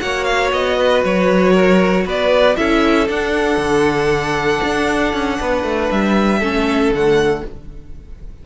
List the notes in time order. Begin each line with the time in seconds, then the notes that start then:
0.00 A#3 F#4 C#5 F#5
0.24 F5
0.52 B3 D#5
0.77 B4
1.04 F#3 C#5
1.53 A#4
2.05 B3 B4 D5
2.56 C#4 E4 A4 E5
3.08 D4 F#5
3.57 D3
4.64 D4
5.13 C#4
5.40 B3 B4
5.64 A3
5.91 G3 E5
6.39 A3 C#4 A4
6.90 D3 A3 F#5